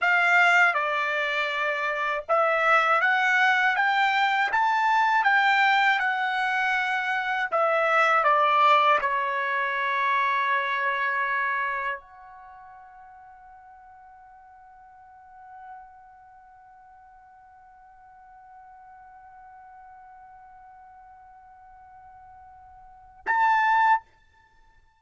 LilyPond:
\new Staff \with { instrumentName = "trumpet" } { \time 4/4 \tempo 4 = 80 f''4 d''2 e''4 | fis''4 g''4 a''4 g''4 | fis''2 e''4 d''4 | cis''1 |
fis''1~ | fis''1~ | fis''1~ | fis''2. a''4 | }